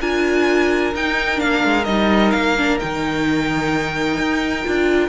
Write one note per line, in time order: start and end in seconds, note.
0.00 0.94 D4
0.00 0.94 F4
0.00 5.09 A#4
0.00 0.94 G#5
0.95 1.41 D#4
0.95 1.36 D#4
0.95 1.40 G5
1.36 1.64 A#3
1.36 1.82 D4
1.36 1.85 F5
1.64 1.87 G#3
1.85 2.34 G3
1.85 2.57 D#4
1.85 2.31 D#5
2.31 2.81 A#3
2.31 2.78 F5
2.57 2.80 D4
2.80 4.18 D#3
2.80 4.64 D#4
2.80 5.09 G5
4.18 4.64 D#4
4.64 5.09 D4
4.64 5.09 F4